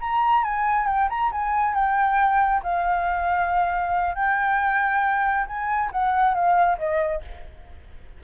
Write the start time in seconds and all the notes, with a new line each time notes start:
0.00 A#5
0.44 G#5
0.87 G5
1.09 A#5
1.32 G#5
1.74 G5
2.63 F5
4.15 G5
5.46 G#5
5.92 F#5
6.34 F5
6.78 D#5